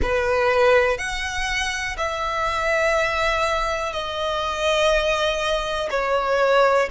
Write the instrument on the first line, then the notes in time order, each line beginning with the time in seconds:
violin
0.01 B4
0.98 F#5
1.97 E5
3.92 D#5
5.90 C#5